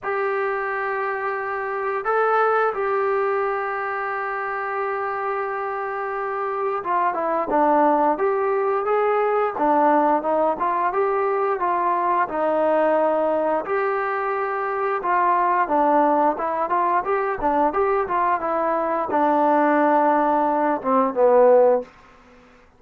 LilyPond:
\new Staff \with { instrumentName = "trombone" } { \time 4/4 \tempo 4 = 88 g'2. a'4 | g'1~ | g'2 f'8 e'8 d'4 | g'4 gis'4 d'4 dis'8 f'8 |
g'4 f'4 dis'2 | g'2 f'4 d'4 | e'8 f'8 g'8 d'8 g'8 f'8 e'4 | d'2~ d'8 c'8 b4 | }